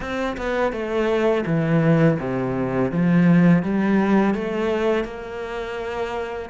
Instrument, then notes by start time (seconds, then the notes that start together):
cello
0.00 C4
0.37 B3
0.72 A3
1.46 E3
2.19 C3
2.91 F3
3.62 G3
4.34 A3
5.04 A#3